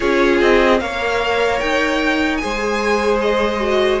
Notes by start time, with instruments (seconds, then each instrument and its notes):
0.00 cello C#4, viola F4, violin G#4 C#5
0.40 cello C4, violin D#5
0.79 cello A#3, viola A#4, violin C#5 F5
1.59 cello D#4, violin G5
2.36 viola G#4, violin C5 G#5
2.44 cello G#3
3.21 violin D#5
3.60 viola F#4